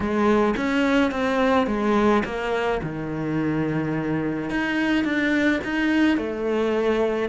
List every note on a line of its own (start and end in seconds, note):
0.00 0.54 G#3
0.56 1.11 C#4
1.11 1.67 C4
1.67 2.23 G#3
2.24 2.80 A#3
2.82 4.50 D#3
4.50 5.04 D#4
5.04 5.60 D4
5.64 6.17 D#4
6.17 7.29 A3